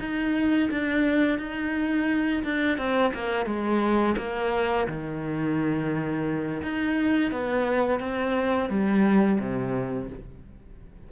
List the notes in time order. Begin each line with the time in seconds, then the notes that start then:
0.00 D#4
0.71 D4
1.39 D#4
2.45 D4
2.78 C4
3.14 A#3
3.46 G#3
4.18 A#3
4.88 D#3
6.63 D#4
7.32 B3
8.00 C4
8.70 G3
9.40 C3